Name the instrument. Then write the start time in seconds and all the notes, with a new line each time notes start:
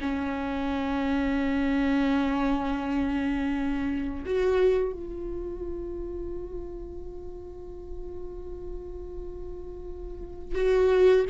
viola
0.00 C#4
4.25 F#4
4.92 F4
10.55 F#4